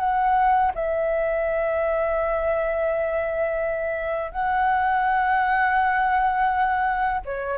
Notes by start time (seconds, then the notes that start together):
0.00 F#5
0.75 E5
4.32 F#5
7.26 C#5